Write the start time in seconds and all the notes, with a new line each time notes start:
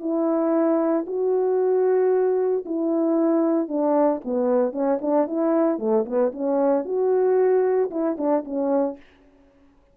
0.00 E4
1.07 F#4
2.66 E4
3.68 D4
4.25 B3
4.72 C#4
5.01 D4
5.27 E4
5.78 A3
6.06 B3
6.33 C#4
6.85 F#4
7.90 E4
8.18 D4
8.44 C#4